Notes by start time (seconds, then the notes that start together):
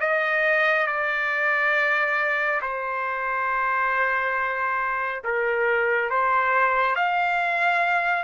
0.00 D#5
0.87 D5
2.62 C5
5.24 A#4
6.10 C5
6.96 F5